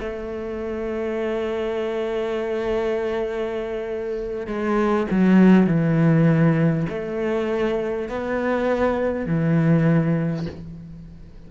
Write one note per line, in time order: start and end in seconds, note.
0.00 4.47 A3
4.47 5.07 G#3
5.11 5.66 F#3
5.66 6.86 E3
6.89 8.08 A3
8.08 9.26 B3
9.26 10.46 E3